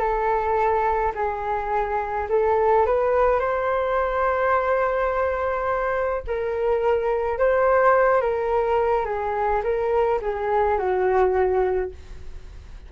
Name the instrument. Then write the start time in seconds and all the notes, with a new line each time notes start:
flute
0.00 A4
1.15 G#4
2.30 A4
2.86 B4
3.40 C5
6.28 A#4
7.39 C5
8.22 A#4
9.06 G#4
9.64 A#4
10.22 G#4
10.79 F#4